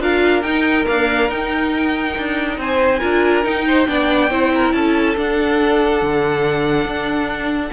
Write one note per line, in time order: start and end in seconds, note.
0.00 0.43 D4
0.00 0.43 F4
0.00 2.59 A#4
0.00 0.43 F5
0.43 0.86 D#4
0.43 0.85 D#4
0.43 0.85 G5
0.85 1.28 A#3
0.85 1.29 D4
0.85 1.31 F5
1.29 2.15 D#4
1.29 3.01 D#4
1.29 2.59 G5
2.18 2.57 D4
2.57 3.00 C4
2.57 3.00 C5
2.57 3.45 G#5
3.00 3.45 D4
3.00 3.43 F4
3.00 3.64 A#4
3.44 3.87 D#4
3.44 3.88 D#4
3.44 4.73 G5
3.67 3.89 C5
3.87 4.31 B3
3.87 4.29 D4
3.87 4.31 D5
4.30 4.73 C4
4.30 5.16 E4
4.30 4.52 C5
4.55 4.75 A#4
4.73 5.16 C#4
4.73 7.73 A4
4.73 5.16 A5
5.17 7.73 D4
5.17 6.02 D4
5.17 7.73 F#5
6.02 6.85 D3
6.85 7.71 D4